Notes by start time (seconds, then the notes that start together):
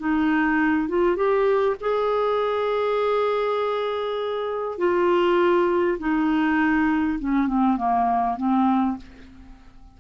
0.00 D#4
0.89 F4
1.16 G4
1.81 G#4
4.78 F4
5.99 D#4
7.20 C#4
7.48 C4
7.77 A#3
8.37 C4